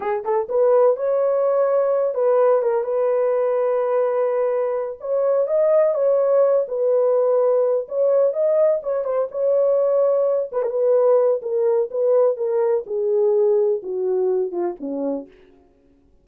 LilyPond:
\new Staff \with { instrumentName = "horn" } { \time 4/4 \tempo 4 = 126 gis'8 a'8 b'4 cis''2~ | cis''8 b'4 ais'8 b'2~ | b'2~ b'8 cis''4 dis''8~ | dis''8 cis''4. b'2~ |
b'8 cis''4 dis''4 cis''8 c''8 cis''8~ | cis''2 b'16 ais'16 b'4. | ais'4 b'4 ais'4 gis'4~ | gis'4 fis'4. f'8 cis'4 | }